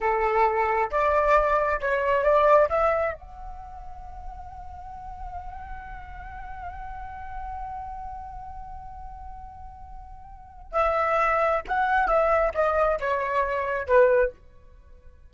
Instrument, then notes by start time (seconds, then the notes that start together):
flute
0.01 A4
0.90 D5
1.81 C#5
2.23 D5
2.69 E5
3.13 F#5
10.72 E5
11.68 F#5
12.07 E5
12.54 D#5
13.00 C#5
13.87 B4